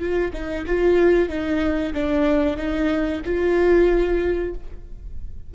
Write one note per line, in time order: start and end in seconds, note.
0.00 0.32 F4
0.33 0.66 D#4
0.67 1.29 F4
1.29 1.94 D#4
1.94 2.57 D4
2.57 3.22 D#4
3.26 4.55 F4